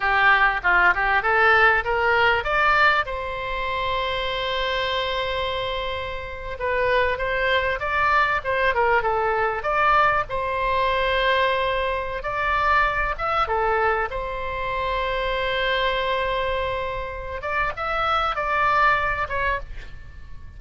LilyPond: \new Staff \with { instrumentName = "oboe" } { \time 4/4 \tempo 4 = 98 g'4 f'8 g'8 a'4 ais'4 | d''4 c''2.~ | c''2~ c''8. b'4 c''16~ | c''8. d''4 c''8 ais'8 a'4 d''16~ |
d''8. c''2.~ c''16 | d''4. e''8 a'4 c''4~ | c''1~ | c''8 d''8 e''4 d''4. cis''8 | }